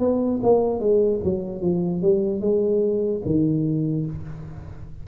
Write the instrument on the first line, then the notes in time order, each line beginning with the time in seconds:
tuba
0.00 B3
0.43 A#3
0.80 G#3
1.25 F#3
1.62 F3
2.02 G3
2.41 G#3
3.26 D#3